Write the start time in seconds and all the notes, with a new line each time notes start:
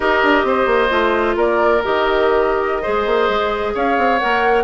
0.00 D#4 G4 A#4 D#5
0.22 D4
0.43 C4 C5
0.66 A#3
0.89 A3 F4
1.36 A#3 A#4 D5
1.83 D#3 G4 D#5
2.82 G#3 G#4 C5
3.06 A#3
3.28 G#3
3.74 C#4 C#5 F5
3.97 C4
4.19 A#3 A#4 F#5